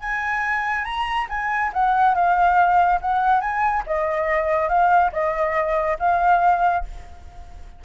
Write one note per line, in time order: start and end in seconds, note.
0.00 0.85 G#5
0.85 1.27 A#5
1.29 1.72 G#5
1.73 2.15 F#5
2.15 3.00 F5
3.01 3.41 F#5
3.41 3.83 G#5
3.86 4.69 D#5
4.69 5.11 F5
5.12 5.97 D#5
5.99 6.84 F5